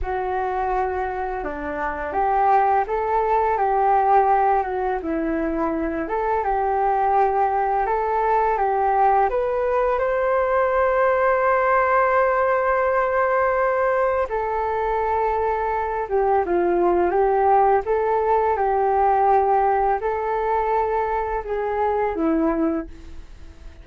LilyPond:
\new Staff \with { instrumentName = "flute" } { \time 4/4 \tempo 4 = 84 fis'2 d'4 g'4 | a'4 g'4. fis'8 e'4~ | e'8 a'8 g'2 a'4 | g'4 b'4 c''2~ |
c''1 | a'2~ a'8 g'8 f'4 | g'4 a'4 g'2 | a'2 gis'4 e'4 | }